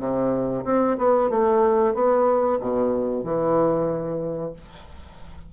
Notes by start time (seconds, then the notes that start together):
0.00 C3
0.65 C4
0.98 B3
1.30 A3
1.95 B3
2.60 B2
3.24 E3